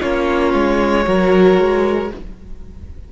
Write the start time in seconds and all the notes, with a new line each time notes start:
0.00 A#3 C#4 F4 C#5
0.54 G#3
1.05 F#3 F#4 A#4
1.58 G#3